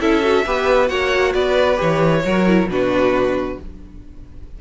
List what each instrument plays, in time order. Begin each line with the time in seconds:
0.00 cello C#4, viola E4, violin A4 E5
0.22 viola F#4
0.46 cello B3, viola G4, violin B4
0.87 cello A#3, viola F#4, violin C#5 F#5
1.33 cello B3, violin B4 D5
1.76 cello E3, viola G4, violin C#5
2.24 cello F#3, viola F#4, violin A#4
2.47 viola E4
2.66 cello B2, viola D4, violin F#4 B4